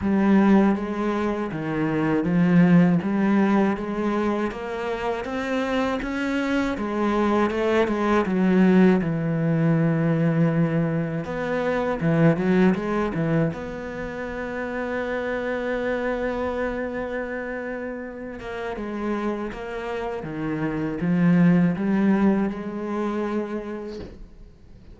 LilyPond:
\new Staff \with { instrumentName = "cello" } { \time 4/4 \tempo 4 = 80 g4 gis4 dis4 f4 | g4 gis4 ais4 c'4 | cis'4 gis4 a8 gis8 fis4 | e2. b4 |
e8 fis8 gis8 e8 b2~ | b1~ | b8 ais8 gis4 ais4 dis4 | f4 g4 gis2 | }